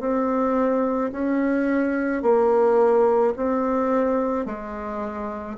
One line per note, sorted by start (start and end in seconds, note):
0.00 1.11 C4
1.12 2.22 C#4
2.22 3.33 A#3
3.36 4.45 C4
4.45 5.57 G#3